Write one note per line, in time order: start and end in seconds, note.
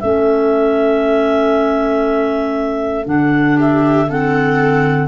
0.00 3.06 A3
0.00 3.05 C#4
0.00 3.56 A4
0.00 3.05 E5
3.05 5.07 D3
3.05 4.07 D4
3.05 3.58 F#5
3.56 4.07 G4
3.56 4.10 E5
4.08 5.07 C4
4.08 5.07 A4
4.08 5.07 F#5